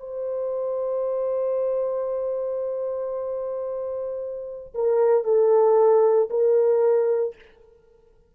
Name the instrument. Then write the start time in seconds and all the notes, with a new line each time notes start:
horn
0.00 C5
4.74 A#4
5.24 A4
6.30 A#4